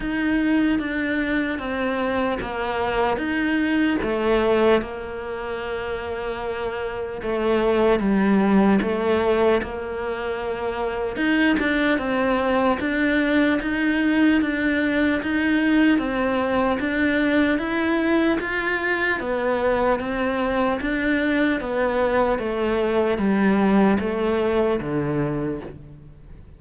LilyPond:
\new Staff \with { instrumentName = "cello" } { \time 4/4 \tempo 4 = 75 dis'4 d'4 c'4 ais4 | dis'4 a4 ais2~ | ais4 a4 g4 a4 | ais2 dis'8 d'8 c'4 |
d'4 dis'4 d'4 dis'4 | c'4 d'4 e'4 f'4 | b4 c'4 d'4 b4 | a4 g4 a4 d4 | }